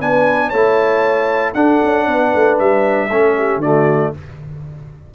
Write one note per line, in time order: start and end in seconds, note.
0.00 0.52 B3
0.00 0.53 D4
0.00 0.48 B4
0.00 0.50 G#5
0.48 1.55 A3
0.48 1.55 E4
0.48 1.52 C#5
0.48 1.53 A5
1.54 1.80 D4
1.54 3.10 D4
1.54 2.07 A4
1.54 2.58 F#5
1.84 2.08 C#4
2.08 2.34 B3
2.08 3.10 B4
2.35 2.60 A3
2.59 3.09 G3
2.59 3.62 E5
3.09 3.57 A3
3.09 3.63 C#4
3.09 3.35 A4
3.37 3.62 G4
3.57 4.09 D3
3.57 4.15 A3
3.57 4.14 F#4
3.57 4.14 D5